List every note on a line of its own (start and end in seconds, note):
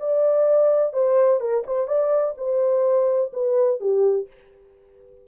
0.00 0.93 D5
0.93 1.41 C5
1.41 1.64 A#4
1.67 1.88 C5
1.88 2.35 D5
2.38 3.32 C5
3.33 3.80 B4
3.81 4.28 G4